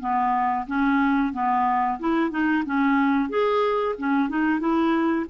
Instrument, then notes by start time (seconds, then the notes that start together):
clarinet
0.00 B3
0.67 C#4
1.33 B3
1.99 E4
2.30 D#4
2.65 C#4
3.29 G#4
3.98 C#4
4.29 D#4
4.60 E4